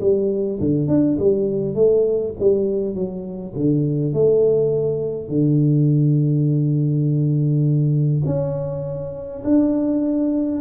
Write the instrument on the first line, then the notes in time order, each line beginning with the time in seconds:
tuba
0.00 G3
0.60 D3
0.88 D4
1.19 G3
1.74 A3
2.39 G3
2.95 F#3
3.56 D3
4.13 A3
5.28 D3
8.26 C#4
9.44 D4